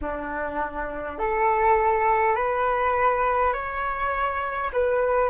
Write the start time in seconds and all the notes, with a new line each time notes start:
0.01 D4
1.18 A4
2.35 B4
3.53 C#5
4.73 B4